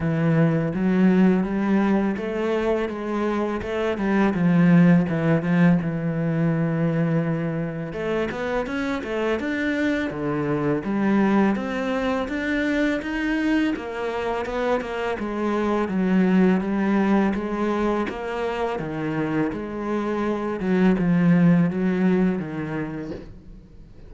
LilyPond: \new Staff \with { instrumentName = "cello" } { \time 4/4 \tempo 4 = 83 e4 fis4 g4 a4 | gis4 a8 g8 f4 e8 f8 | e2. a8 b8 | cis'8 a8 d'4 d4 g4 |
c'4 d'4 dis'4 ais4 | b8 ais8 gis4 fis4 g4 | gis4 ais4 dis4 gis4~ | gis8 fis8 f4 fis4 dis4 | }